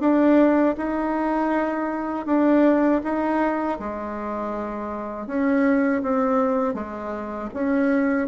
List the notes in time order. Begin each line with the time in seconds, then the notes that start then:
0.00 D4
0.77 D#4
2.26 D4
3.04 D#4
3.79 G#3
5.27 C#4
6.02 C4
6.74 G#3
7.54 C#4